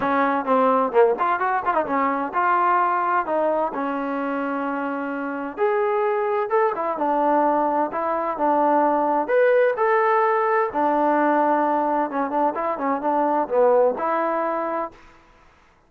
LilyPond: \new Staff \with { instrumentName = "trombone" } { \time 4/4 \tempo 4 = 129 cis'4 c'4 ais8 f'8 fis'8 f'16 dis'16 | cis'4 f'2 dis'4 | cis'1 | gis'2 a'8 e'8 d'4~ |
d'4 e'4 d'2 | b'4 a'2 d'4~ | d'2 cis'8 d'8 e'8 cis'8 | d'4 b4 e'2 | }